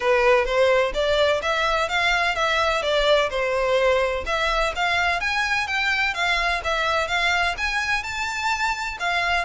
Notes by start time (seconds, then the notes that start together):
0.00 B4
0.45 C5
0.94 D5
1.42 E5
1.89 F5
2.35 E5
2.82 D5
3.29 C5
4.26 E5
4.75 F5
5.20 G#5
5.67 G5
6.14 F5
6.64 E5
7.07 F5
7.57 G#5
8.03 A5
8.99 F5